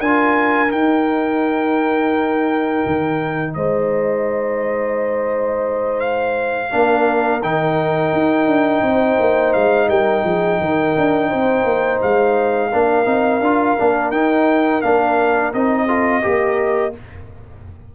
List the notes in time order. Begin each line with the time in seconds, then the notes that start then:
0.00 D4 F4 A#4 G#5
0.68 D#4 G5
2.86 D#3
3.54 G#3 C5 D#5
6.00 F5
6.71 A#3 D4 A#4
7.42 D#3 D#4 G5
8.13 D#4
8.46 D4
8.82 C4 C5
9.19 A#3
9.54 G#3 F5
9.88 G3 A#4 G5
10.24 F3 G#4
10.60 D#3 A#4
10.97 D4
11.30 C4 C5
11.64 A#3
12.02 G#3 F5
12.71 A#3 D4 A#4
13.05 C4 D#4
13.41 D4 F4
13.78 A#3 D4
14.11 D#4 G5
14.82 A#3 D4 F5
15.54 C4 D#4 D#5
15.87 F4 A4
16.22 A#3 G4 A#4